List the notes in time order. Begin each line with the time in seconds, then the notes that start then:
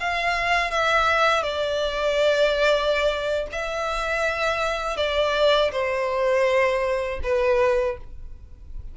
0.00 F5
0.71 E5
1.42 D5
3.52 E5
4.97 D5
5.72 C5
7.23 B4